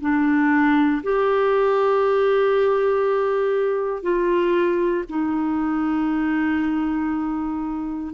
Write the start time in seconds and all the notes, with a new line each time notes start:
0.00 D4
1.03 G4
4.02 F4
5.08 D#4